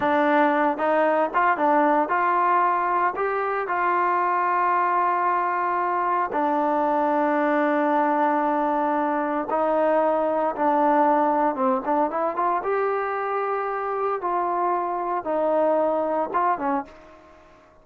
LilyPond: \new Staff \with { instrumentName = "trombone" } { \time 4/4 \tempo 4 = 114 d'4. dis'4 f'8 d'4 | f'2 g'4 f'4~ | f'1 | d'1~ |
d'2 dis'2 | d'2 c'8 d'8 e'8 f'8 | g'2. f'4~ | f'4 dis'2 f'8 cis'8 | }